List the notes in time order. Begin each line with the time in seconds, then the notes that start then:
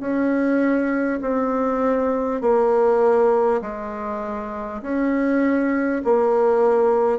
0.00 C#4
1.21 C4
2.41 A#3
3.62 G#3
4.82 C#4
6.04 A#3